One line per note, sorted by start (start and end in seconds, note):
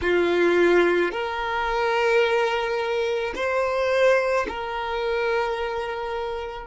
0.01 1.11 F4
1.11 3.33 A#4
3.35 4.46 C5
4.48 6.66 A#4